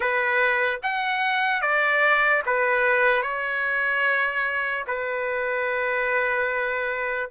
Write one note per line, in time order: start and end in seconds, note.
0.00 0.80 B4
0.82 1.61 F#5
1.61 2.42 D5
2.45 3.22 B4
3.22 4.84 C#5
4.87 7.30 B4